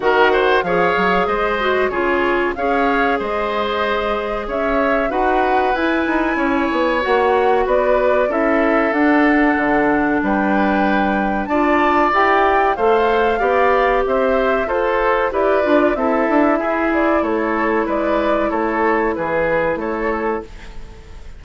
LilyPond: <<
  \new Staff \with { instrumentName = "flute" } { \time 4/4 \tempo 4 = 94 fis''4 f''4 dis''4 cis''4 | f''4 dis''2 e''4 | fis''4 gis''2 fis''4 | d''4 e''4 fis''2 |
g''2 a''4 g''4 | f''2 e''4 c''4 | d''4 e''4. d''8 cis''4 | d''4 cis''4 b'4 cis''4 | }
  \new Staff \with { instrumentName = "oboe" } { \time 4/4 ais'8 c''8 cis''4 c''4 gis'4 | cis''4 c''2 cis''4 | b'2 cis''2 | b'4 a'2. |
b'2 d''2 | c''4 d''4 c''4 a'4 | b'4 a'4 gis'4 a'4 | b'4 a'4 gis'4 a'4 | }
  \new Staff \with { instrumentName = "clarinet" } { \time 4/4 fis'4 gis'4. fis'8 f'4 | gis'1 | fis'4 e'2 fis'4~ | fis'4 e'4 d'2~ |
d'2 f'4 g'4 | a'4 g'2 a'4 | g'8 f'8 e'2.~ | e'1 | }
  \new Staff \with { instrumentName = "bassoon" } { \time 4/4 dis4 f8 fis8 gis4 cis4 | cis'4 gis2 cis'4 | dis'4 e'8 dis'8 cis'8 b8 ais4 | b4 cis'4 d'4 d4 |
g2 d'4 e'4 | a4 b4 c'4 f'4 | e'8 d'8 c'8 d'8 e'4 a4 | gis4 a4 e4 a4 | }
>>